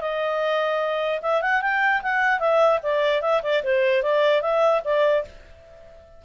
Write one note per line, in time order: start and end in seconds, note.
0.00 1.20 D#5
1.22 1.41 E5
1.41 1.61 F#5
1.61 2.01 G5
2.02 2.39 F#5
2.39 2.79 E5
2.83 3.21 D5
3.21 3.41 E5
3.43 3.63 D5
3.63 4.03 C5
4.03 4.41 D5
4.41 4.81 E5
4.84 5.24 D5